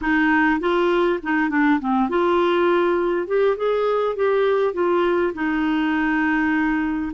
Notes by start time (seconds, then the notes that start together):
0.01 D#4
0.60 F4
1.22 D#4
1.49 D4
1.80 C4
2.09 F4
3.27 G4
3.56 G#4
4.16 G4
4.73 F4
5.33 D#4